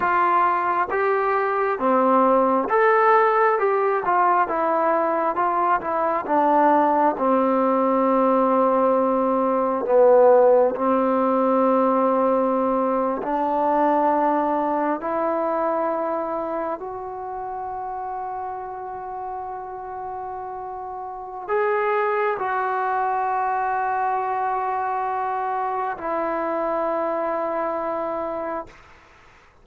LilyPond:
\new Staff \with { instrumentName = "trombone" } { \time 4/4 \tempo 4 = 67 f'4 g'4 c'4 a'4 | g'8 f'8 e'4 f'8 e'8 d'4 | c'2. b4 | c'2~ c'8. d'4~ d'16~ |
d'8. e'2 fis'4~ fis'16~ | fis'1 | gis'4 fis'2.~ | fis'4 e'2. | }